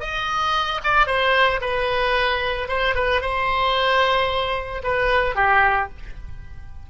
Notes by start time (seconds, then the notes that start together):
0.00 D#5
0.84 D5
1.06 C5
1.61 B4
2.68 C5
2.95 B4
3.21 C5
4.83 B4
5.35 G4